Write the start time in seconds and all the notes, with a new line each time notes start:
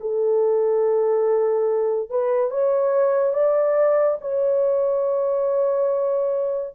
0.00 A4
2.09 B4
2.50 C#5
3.33 D5
4.21 C#5